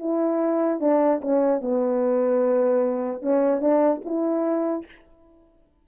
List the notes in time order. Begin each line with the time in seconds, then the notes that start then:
0.00 E4
0.81 D4
1.22 C#4
1.62 B3
3.22 C#4
3.61 D4
4.05 E4